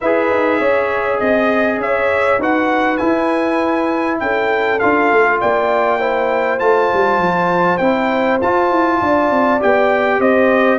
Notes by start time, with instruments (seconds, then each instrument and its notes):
0.01 tuba E4, trombone G#4, horn B4, trumpet E5
0.30 tuba D#4
0.59 tuba C#4, horn C#5
1.18 tuba C4, horn D#5, trumpet D#5
1.77 tuba C#4, horn C#5, trumpet E5
2.38 tuba D#4, trombone F#4, horn B4, trumpet F#5
2.97 trombone E4, tuba E4, trumpet G#5
4.19 tuba C#4, horn A4, trumpet G5
4.79 tuba D4, trombone F4, trumpet F5
5.11 tuba A3
5.40 tuba A#3, horn D5, trumpet G5
5.99 trombone E4, horn C5
6.59 tuba A3, trombone F4, trumpet A5
6.93 tuba G3
7.17 tuba F3
7.77 tuba C4, trombone E4, trumpet G5
8.41 tuba F4, trombone F4, trumpet A5
8.71 tuba E4
9.00 tuba D4, horn D5
9.30 tuba C4
9.60 tuba B3, trombone G4, trumpet G5
10.19 tuba C4, horn C5, trumpet D#5